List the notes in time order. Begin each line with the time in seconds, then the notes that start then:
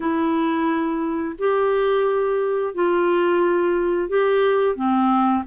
0.00 E4
1.38 G4
2.74 F4
4.08 G4
4.75 C4